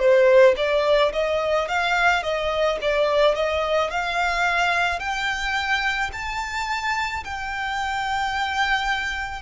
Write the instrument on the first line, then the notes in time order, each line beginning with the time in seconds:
violin
0.00 C5
0.57 D5
1.13 D#5
1.69 F5
2.24 D#5
2.82 D5
3.35 D#5
3.91 F5
4.99 G5
6.13 A5
7.25 G5